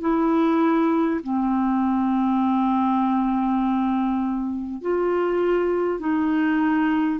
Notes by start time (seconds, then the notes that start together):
0.00 E4
1.23 C4
4.81 F4
5.99 D#4